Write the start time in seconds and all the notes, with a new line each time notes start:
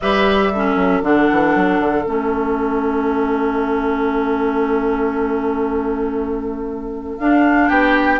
0.00 G3 G4 B4 E5
0.52 C#4 A4
0.76 F#3
1.02 D3 D4 F#5
1.31 E3
1.55 F#3
1.79 D3
2.05 A3 C#4 E5
7.17 D4 F5
7.68 B3 G4 G5